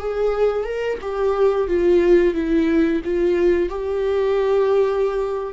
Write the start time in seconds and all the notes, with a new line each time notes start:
0.00 G#4
0.65 A#4
1.01 G4
1.68 F4
2.34 E4
3.05 F4
3.69 G4